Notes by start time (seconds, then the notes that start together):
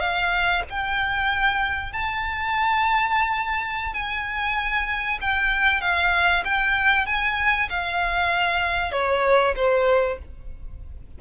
0.00 F5
0.70 G5
1.92 A5
3.93 G#5
5.21 G5
5.81 F5
6.45 G5
7.06 G#5
7.69 F5
8.92 C#5
9.56 C5